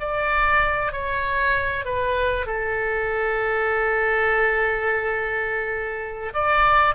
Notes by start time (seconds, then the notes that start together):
0.00 D5
0.93 C#5
1.85 B4
2.47 A4
6.34 D5